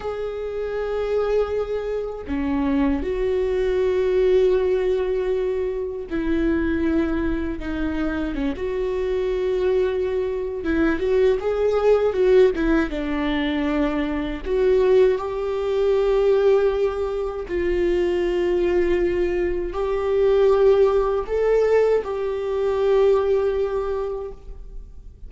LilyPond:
\new Staff \with { instrumentName = "viola" } { \time 4/4 \tempo 4 = 79 gis'2. cis'4 | fis'1 | e'2 dis'4 cis'16 fis'8.~ | fis'2 e'8 fis'8 gis'4 |
fis'8 e'8 d'2 fis'4 | g'2. f'4~ | f'2 g'2 | a'4 g'2. | }